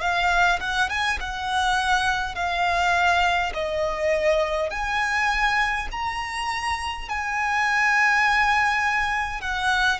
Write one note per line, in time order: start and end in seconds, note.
0.00 0.59 F5
0.60 0.89 F#5
0.89 1.18 G#5
1.20 2.35 F#5
2.35 3.52 F5
3.53 4.70 D#5
4.70 5.87 G#5
5.91 7.09 A#5
7.09 9.41 G#5
9.41 9.99 F#5